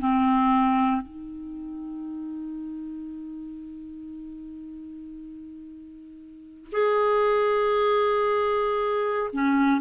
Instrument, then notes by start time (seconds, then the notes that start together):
clarinet
0.00 C4
1.01 D#4
6.71 G#4
9.32 C#4